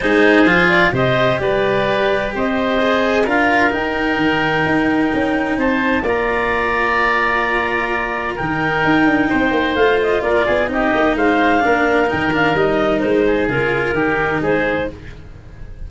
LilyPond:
<<
  \new Staff \with { instrumentName = "clarinet" } { \time 4/4 \tempo 4 = 129 c''4. d''8 dis''4 d''4~ | d''4 dis''2 f''4 | g''1 | a''4 ais''2.~ |
ais''2 g''2~ | g''4 f''8 dis''8 d''4 dis''4 | f''2 g''8 f''8 dis''4 | c''4 ais'2 c''4 | }
  \new Staff \with { instrumentName = "oboe" } { \time 4/4 gis'2 c''4 b'4~ | b'4 c''2 ais'4~ | ais'1 | c''4 d''2.~ |
d''2 ais'2 | c''2 ais'8 gis'8 g'4 | c''4 ais'2.~ | ais'8 gis'4. g'4 gis'4 | }
  \new Staff \with { instrumentName = "cello" } { \time 4/4 dis'4 f'4 g'2~ | g'2 gis'4 f'4 | dis'1~ | dis'4 f'2.~ |
f'2 dis'2~ | dis'4 f'2 dis'4~ | dis'4 d'4 dis'8 d'8 dis'4~ | dis'4 f'4 dis'2 | }
  \new Staff \with { instrumentName = "tuba" } { \time 4/4 gis4 f4 c4 g4~ | g4 c'2 d'4 | dis'4 dis4 dis'4 cis'4 | c'4 ais2.~ |
ais2 dis4 dis'8 d'8 | c'8 ais8 a4 ais8 b8 c'8 ais8 | gis4 ais4 dis4 g4 | gis4 cis4 dis4 gis4 | }
>>